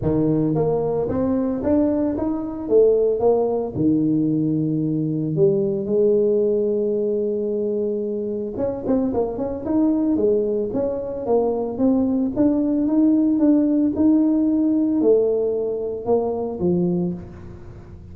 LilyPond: \new Staff \with { instrumentName = "tuba" } { \time 4/4 \tempo 4 = 112 dis4 ais4 c'4 d'4 | dis'4 a4 ais4 dis4~ | dis2 g4 gis4~ | gis1 |
cis'8 c'8 ais8 cis'8 dis'4 gis4 | cis'4 ais4 c'4 d'4 | dis'4 d'4 dis'2 | a2 ais4 f4 | }